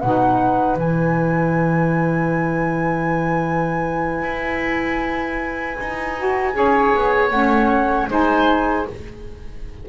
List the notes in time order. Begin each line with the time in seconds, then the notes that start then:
0.00 B2 D#4 B4 F#5
0.76 E3 E4 G#5
4.22 E4
5.80 D#4
6.17 F#4
6.53 C#4 G#4 C#5
6.95 B3
7.30 A3 C#4 F#5
8.09 G#3 D#4 C5 G#5